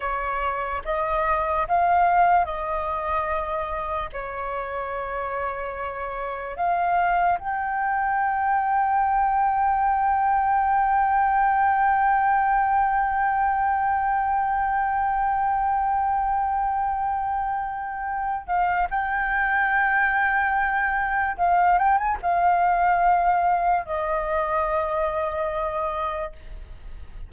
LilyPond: \new Staff \with { instrumentName = "flute" } { \time 4/4 \tempo 4 = 73 cis''4 dis''4 f''4 dis''4~ | dis''4 cis''2. | f''4 g''2.~ | g''1~ |
g''1~ | g''2~ g''8 f''8 g''4~ | g''2 f''8 g''16 gis''16 f''4~ | f''4 dis''2. | }